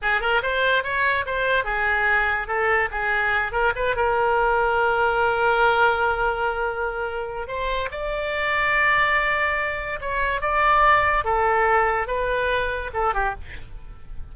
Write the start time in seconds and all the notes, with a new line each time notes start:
0.02 G#4
0.20 A#4
0.42 C5
0.83 C#5
1.26 C5
1.64 G#4
2.47 A4
2.91 G#4
3.52 A#4
3.75 B4
3.96 A#4
7.47 C5
7.91 D5
10.01 C#5
10.41 D5
11.24 A4
12.07 B4
12.93 A4
13.14 G4